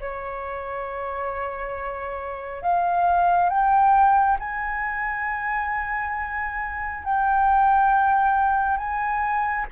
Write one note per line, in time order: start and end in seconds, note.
0.00 2.62 C#5
2.62 3.49 F5
3.49 4.38 G5
4.39 7.04 G#5
7.04 8.77 G5
8.77 9.65 G#5